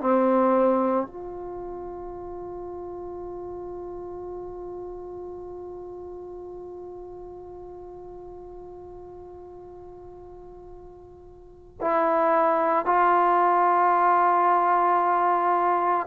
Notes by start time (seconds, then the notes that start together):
0.00 C4
1.07 F4
11.81 E4
12.85 F4